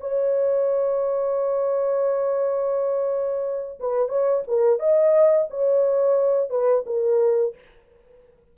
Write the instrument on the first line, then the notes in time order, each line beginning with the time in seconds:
horn
0.00 C#5
3.80 B4
4.08 C#5
4.47 A#4
4.79 D#5
5.50 C#5
6.50 B4
6.86 A#4